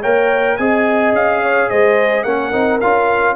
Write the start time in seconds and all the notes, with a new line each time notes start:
0.00 A#3 A#4 C#5 G5
0.57 C4 G#4 D#5 G#5
1.12 C#4 F5
1.42 C#5
1.69 G#3 C5 D#5
2.23 A#3 C#4 A#4 F#5
2.51 C4 D#4
2.80 C#4 F4 F5